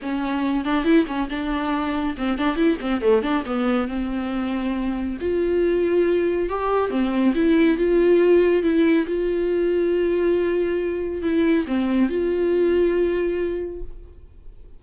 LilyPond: \new Staff \with { instrumentName = "viola" } { \time 4/4 \tempo 4 = 139 cis'4. d'8 e'8 cis'8 d'4~ | d'4 c'8 d'8 e'8 c'8 a8 d'8 | b4 c'2. | f'2. g'4 |
c'4 e'4 f'2 | e'4 f'2.~ | f'2 e'4 c'4 | f'1 | }